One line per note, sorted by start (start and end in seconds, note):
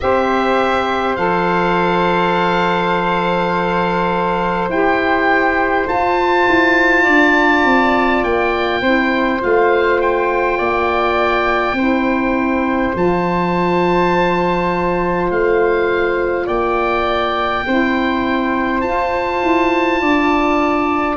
0.00 1.16 C4
0.00 1.17 G4
0.00 7.03 C5
0.00 1.15 E5
1.15 4.68 F3
1.15 4.70 A4
1.15 4.68 F5
4.68 5.86 E4
4.68 5.87 G4
4.68 5.88 G5
5.87 8.82 F4
5.87 6.47 F4
5.87 8.23 A5
6.49 7.06 E4
7.03 7.64 D4
7.03 8.79 D5
7.64 8.23 C4
8.23 8.81 A#3
8.23 9.41 G5
8.81 9.40 C4
8.81 9.38 E4
8.81 10.57 C5
9.38 10.59 A3
9.38 11.74 F4
9.38 10.01 F5
10.01 12.95 G5
10.57 11.73 A#3
10.57 11.75 D5
11.73 12.90 C4
11.73 12.94 E4
11.73 16.45 C5
12.94 15.30 F3
12.94 17.64 F4
12.94 15.31 A5
15.30 16.47 A3
15.30 16.47 F5
16.45 17.64 A#3
16.45 17.63 D5
16.45 18.80 G5
17.66 18.82 C4
17.66 18.84 E4
17.66 20.00 C5
18.80 19.41 F4
18.80 21.16 F4
18.80 21.16 A5
19.43 20.01 E4
20.00 21.16 D4
20.00 21.16 D5